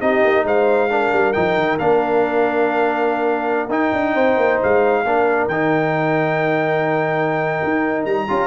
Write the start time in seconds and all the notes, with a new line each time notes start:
0.00 C4 D#4 G4 D#5
0.24 A#3
0.44 G#3 C5 F5
0.89 D4 A#4
1.12 G3
1.32 F3 D#4 G5
1.57 D#3
1.78 A#3 D4 F5
3.69 D#4 G5
3.92 D4
4.13 C4 C5
4.36 A#3
4.62 G#3 F5
5.04 A#3 D4 A#4
5.47 D#3 D#4 G5
7.63 D#4
8.05 G3 A#5
8.27 C#4 F4 G4